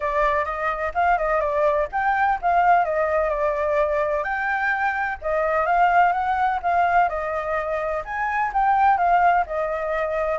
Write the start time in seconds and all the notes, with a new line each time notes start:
0.00 D5
0.44 D#5
0.94 F5
1.18 D#5
1.40 D5
1.92 G5
2.41 F5
2.85 D#5
3.29 D5
4.23 G5
5.21 D#5
5.65 F5
6.12 F#5
6.62 F5
7.08 D#5
8.04 G#5
8.53 G5
8.97 F5
9.46 D#5